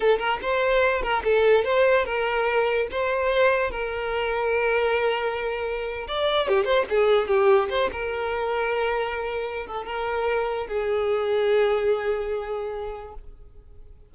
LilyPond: \new Staff \with { instrumentName = "violin" } { \time 4/4 \tempo 4 = 146 a'8 ais'8 c''4. ais'8 a'4 | c''4 ais'2 c''4~ | c''4 ais'2.~ | ais'2~ ais'8. d''4 g'16~ |
g'16 c''8 gis'4 g'4 c''8 ais'8.~ | ais'2.~ ais'8 a'8 | ais'2 gis'2~ | gis'1 | }